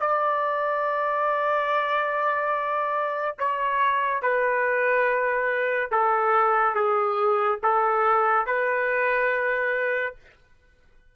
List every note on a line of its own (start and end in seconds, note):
0.00 3.38 D5
3.39 4.23 C#5
4.23 5.92 B4
5.92 6.75 A4
6.75 7.59 G#4
7.63 8.47 A4
8.47 10.16 B4